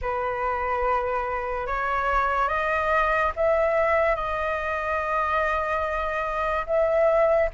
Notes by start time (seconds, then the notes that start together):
0.01 B4
1.67 C#5
2.48 D#5
3.36 E5
4.15 D#5
6.66 E5